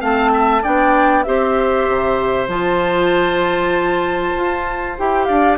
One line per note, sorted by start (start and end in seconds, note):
0.00 0.64 A3
0.00 0.62 C4
0.00 0.32 F5
0.00 0.65 A5
0.34 0.63 E5
0.63 1.27 B3
0.63 1.25 D4
0.63 1.25 D5
0.63 1.24 G5
1.24 1.88 C4
1.24 2.48 G4
1.24 5.28 C5
1.24 2.48 E5
1.88 2.48 C3
2.48 4.34 F3
2.48 4.96 F4
2.48 4.98 A5
4.36 4.98 F4
4.98 5.30 E4
4.98 5.59 G4
4.98 5.25 G5
5.25 5.59 D4
5.25 5.59 D5
5.25 5.56 F5